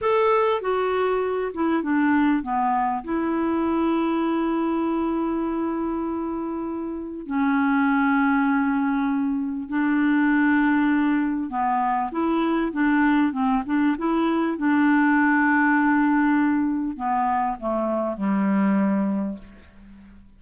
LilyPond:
\new Staff \with { instrumentName = "clarinet" } { \time 4/4 \tempo 4 = 99 a'4 fis'4. e'8 d'4 | b4 e'2.~ | e'1 | cis'1 |
d'2. b4 | e'4 d'4 c'8 d'8 e'4 | d'1 | b4 a4 g2 | }